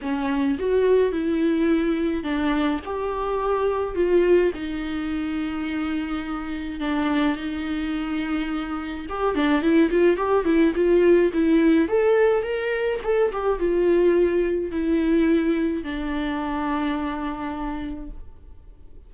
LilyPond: \new Staff \with { instrumentName = "viola" } { \time 4/4 \tempo 4 = 106 cis'4 fis'4 e'2 | d'4 g'2 f'4 | dis'1 | d'4 dis'2. |
g'8 d'8 e'8 f'8 g'8 e'8 f'4 | e'4 a'4 ais'4 a'8 g'8 | f'2 e'2 | d'1 | }